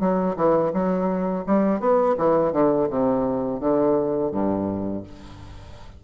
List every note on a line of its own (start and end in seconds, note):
0.00 0.36 F#3
0.36 0.72 E3
0.73 1.44 F#3
1.46 1.80 G3
1.80 2.16 B3
2.17 2.52 E3
2.52 2.88 D3
2.89 3.60 C3
3.60 4.31 D3
4.31 5.03 G2